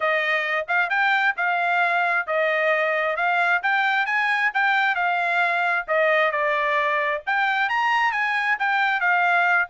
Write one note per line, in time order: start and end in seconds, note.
0.00 0.66 D#5
0.68 0.89 F5
0.89 1.34 G5
1.37 2.27 F5
2.27 3.16 D#5
3.16 3.61 F5
3.63 4.06 G5
4.06 4.51 G#5
4.54 4.95 G5
4.95 5.85 F5
5.87 6.31 D#5
6.31 7.21 D5
7.26 7.69 G5
7.69 8.12 A#5
8.12 8.57 G#5
8.59 9.00 G5
9.00 9.68 F5